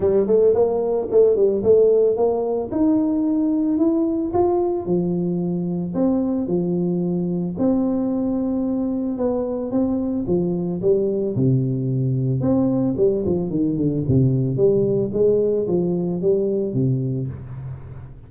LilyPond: \new Staff \with { instrumentName = "tuba" } { \time 4/4 \tempo 4 = 111 g8 a8 ais4 a8 g8 a4 | ais4 dis'2 e'4 | f'4 f2 c'4 | f2 c'2~ |
c'4 b4 c'4 f4 | g4 c2 c'4 | g8 f8 dis8 d8 c4 g4 | gis4 f4 g4 c4 | }